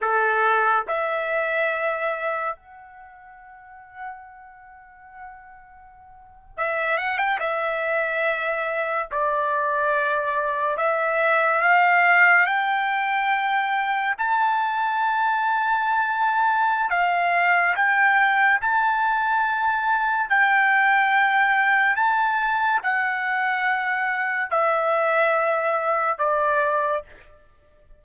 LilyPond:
\new Staff \with { instrumentName = "trumpet" } { \time 4/4 \tempo 4 = 71 a'4 e''2 fis''4~ | fis''2.~ fis''8. e''16~ | e''16 fis''16 g''16 e''2 d''4~ d''16~ | d''8. e''4 f''4 g''4~ g''16~ |
g''8. a''2.~ a''16 | f''4 g''4 a''2 | g''2 a''4 fis''4~ | fis''4 e''2 d''4 | }